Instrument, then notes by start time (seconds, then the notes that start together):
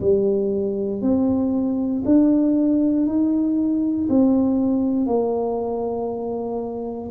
tuba
0.00 G3
1.01 C4
2.05 D4
3.06 D#4
4.09 C4
5.06 A#3